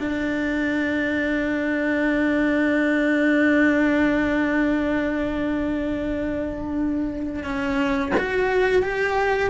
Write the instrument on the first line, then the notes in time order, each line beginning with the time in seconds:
cello
0.00 D4
7.44 C#4
8.18 F#4
8.83 G4